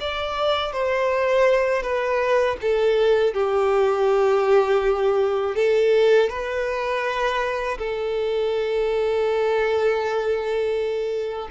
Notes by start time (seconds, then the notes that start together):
0.00 D5
0.73 C5
1.82 B4
2.62 A4
3.34 G4
5.55 A4
6.30 B4
7.78 A4